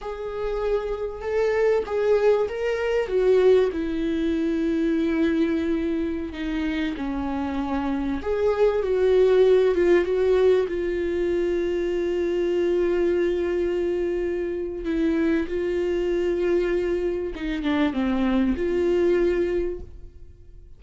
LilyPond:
\new Staff \with { instrumentName = "viola" } { \time 4/4 \tempo 4 = 97 gis'2 a'4 gis'4 | ais'4 fis'4 e'2~ | e'2~ e'16 dis'4 cis'8.~ | cis'4~ cis'16 gis'4 fis'4. f'16~ |
f'16 fis'4 f'2~ f'8.~ | f'1 | e'4 f'2. | dis'8 d'8 c'4 f'2 | }